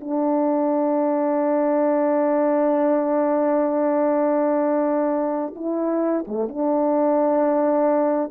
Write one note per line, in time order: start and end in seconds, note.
0.00 5.54 D4
5.56 6.25 E4
6.27 6.48 A3
6.48 8.31 D4